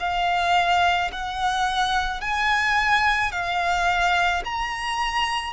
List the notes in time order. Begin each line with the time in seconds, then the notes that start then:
0.00 F5
1.12 F#5
2.22 G#5
3.32 F5
4.45 A#5